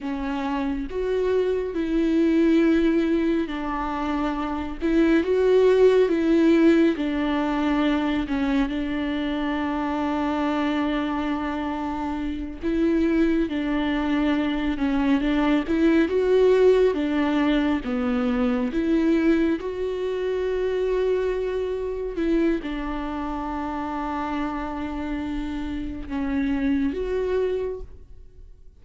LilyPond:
\new Staff \with { instrumentName = "viola" } { \time 4/4 \tempo 4 = 69 cis'4 fis'4 e'2 | d'4. e'8 fis'4 e'4 | d'4. cis'8 d'2~ | d'2~ d'8 e'4 d'8~ |
d'4 cis'8 d'8 e'8 fis'4 d'8~ | d'8 b4 e'4 fis'4.~ | fis'4. e'8 d'2~ | d'2 cis'4 fis'4 | }